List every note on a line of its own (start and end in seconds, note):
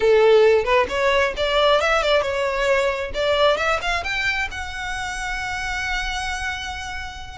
0.00 0.64 A4
0.64 0.86 B4
0.89 1.33 C#5
1.37 1.80 D5
1.80 2.02 E5
2.02 2.21 D5
2.21 3.11 C#5
3.13 3.57 D5
3.57 3.79 E5
3.81 4.03 F5
4.03 4.48 G5
4.51 7.38 F#5